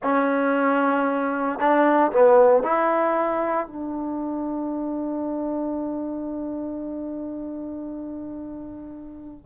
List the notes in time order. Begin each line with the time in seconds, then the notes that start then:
0.03 C#4
1.59 D4
2.12 B3
2.63 E4
3.67 D4